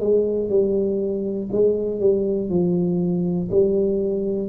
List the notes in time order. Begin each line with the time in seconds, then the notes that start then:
0.00 G#3
0.49 G3
1.51 G#3
2.00 G3
2.49 F3
3.50 G3